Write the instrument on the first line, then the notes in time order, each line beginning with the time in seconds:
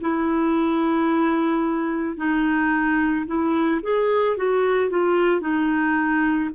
clarinet
0.00 E4
2.16 D#4
3.26 E4
3.82 G#4
4.36 F#4
4.89 F4
5.40 D#4